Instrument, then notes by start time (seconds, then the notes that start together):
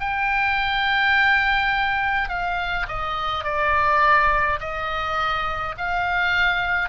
oboe
0.00 G5
2.29 F5
2.88 D#5
3.44 D5
4.60 D#5
5.77 F5